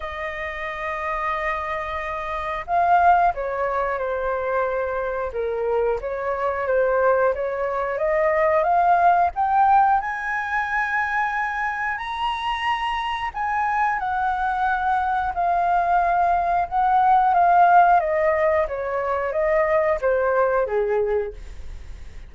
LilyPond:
\new Staff \with { instrumentName = "flute" } { \time 4/4 \tempo 4 = 90 dis''1 | f''4 cis''4 c''2 | ais'4 cis''4 c''4 cis''4 | dis''4 f''4 g''4 gis''4~ |
gis''2 ais''2 | gis''4 fis''2 f''4~ | f''4 fis''4 f''4 dis''4 | cis''4 dis''4 c''4 gis'4 | }